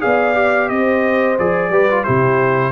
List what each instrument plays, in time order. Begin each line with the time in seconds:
0.00 tuba B3, trombone G#4, horn D5, trumpet F5
0.34 trombone G4
0.69 tuba C4, horn C5, trumpet D#5
1.38 tuba F3, trombone G#4, trumpet D5
1.70 tuba G3, trombone G4, horn B4
1.90 trombone F4
2.04 tuba C3, trombone E4, horn G4, trumpet C5